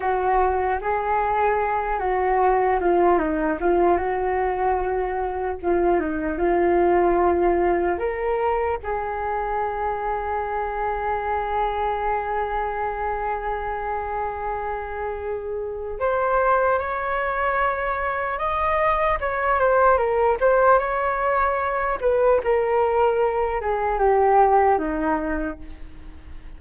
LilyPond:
\new Staff \with { instrumentName = "flute" } { \time 4/4 \tempo 4 = 75 fis'4 gis'4. fis'4 f'8 | dis'8 f'8 fis'2 f'8 dis'8 | f'2 ais'4 gis'4~ | gis'1~ |
gis'1 | c''4 cis''2 dis''4 | cis''8 c''8 ais'8 c''8 cis''4. b'8 | ais'4. gis'8 g'4 dis'4 | }